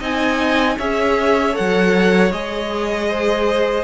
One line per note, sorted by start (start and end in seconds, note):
0.00 0.78 C4
0.00 0.78 D#4
0.00 0.77 D#5
0.00 0.79 G#5
0.78 1.56 C#4
0.78 1.53 G#4
0.78 3.09 C#5
0.78 1.56 E5
1.53 2.30 A4
1.53 2.32 F#5
1.60 2.31 F#3
2.31 3.84 G#3
2.31 3.84 G#4
2.31 3.84 D#5
3.09 3.84 C5